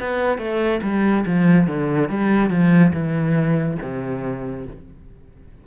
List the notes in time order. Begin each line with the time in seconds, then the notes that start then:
0.00 B3
0.38 A3
0.82 G3
1.26 F3
1.67 D3
2.09 G3
2.50 F3
2.93 E3
3.82 C3